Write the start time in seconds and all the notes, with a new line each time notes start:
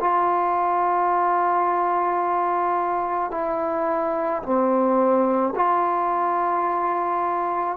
0.00 F4
3.31 E4
4.42 C4
5.56 F4